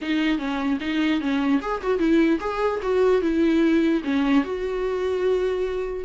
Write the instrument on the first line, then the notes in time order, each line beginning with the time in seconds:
viola
0.01 D#4
0.38 C#4
0.80 D#4
1.20 C#4
1.61 G#4
1.82 F#4
1.98 E4
2.40 G#4
2.82 F#4
3.21 E4
4.04 C#4
4.43 F#4